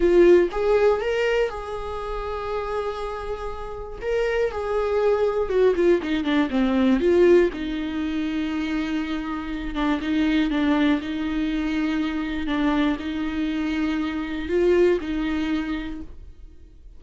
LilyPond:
\new Staff \with { instrumentName = "viola" } { \time 4/4 \tempo 4 = 120 f'4 gis'4 ais'4 gis'4~ | gis'1 | ais'4 gis'2 fis'8 f'8 | dis'8 d'8 c'4 f'4 dis'4~ |
dis'2.~ dis'8 d'8 | dis'4 d'4 dis'2~ | dis'4 d'4 dis'2~ | dis'4 f'4 dis'2 | }